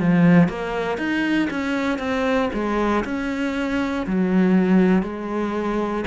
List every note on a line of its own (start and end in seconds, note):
0.00 0.49 F3
0.49 0.98 A#3
0.98 1.49 D#4
1.51 1.99 C#4
1.99 2.50 C4
2.54 3.05 G#3
3.05 4.07 C#4
4.07 5.03 F#3
5.03 6.05 G#3